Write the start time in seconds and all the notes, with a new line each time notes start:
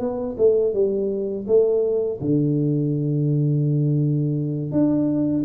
0.00 B3
0.38 A3
0.74 G3
1.48 A3
2.21 D3
4.72 D4